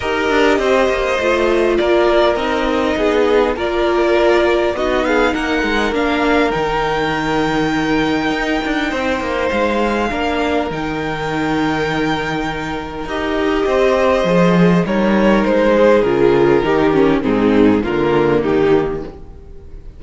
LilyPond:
<<
  \new Staff \with { instrumentName = "violin" } { \time 4/4 \tempo 4 = 101 dis''2. d''4 | dis''2 d''2 | dis''8 f''8 fis''4 f''4 g''4~ | g''1 |
f''2 g''2~ | g''2 dis''2~ | dis''4 cis''4 c''4 ais'4~ | ais'4 gis'4 ais'4 g'4 | }
  \new Staff \with { instrumentName = "violin" } { \time 4/4 ais'4 c''2 ais'4~ | ais'4 gis'4 ais'2 | fis'8 gis'8 ais'2.~ | ais'2. c''4~ |
c''4 ais'2.~ | ais'2. c''4~ | c''4 ais'4. gis'4. | g'4 dis'4 f'4 dis'4 | }
  \new Staff \with { instrumentName = "viola" } { \time 4/4 g'2 f'2 | dis'2 f'2 | dis'2 d'4 dis'4~ | dis'1~ |
dis'4 d'4 dis'2~ | dis'2 g'2 | gis'4 dis'2 f'4 | dis'8 cis'8 c'4 ais2 | }
  \new Staff \with { instrumentName = "cello" } { \time 4/4 dis'8 d'8 c'8 ais8 a4 ais4 | c'4 b4 ais2 | b4 ais8 gis8 ais4 dis4~ | dis2 dis'8 d'8 c'8 ais8 |
gis4 ais4 dis2~ | dis2 dis'4 c'4 | f4 g4 gis4 cis4 | dis4 gis,4 d4 dis4 | }
>>